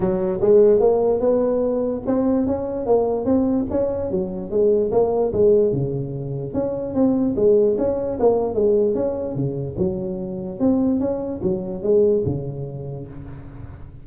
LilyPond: \new Staff \with { instrumentName = "tuba" } { \time 4/4 \tempo 4 = 147 fis4 gis4 ais4 b4~ | b4 c'4 cis'4 ais4 | c'4 cis'4 fis4 gis4 | ais4 gis4 cis2 |
cis'4 c'4 gis4 cis'4 | ais4 gis4 cis'4 cis4 | fis2 c'4 cis'4 | fis4 gis4 cis2 | }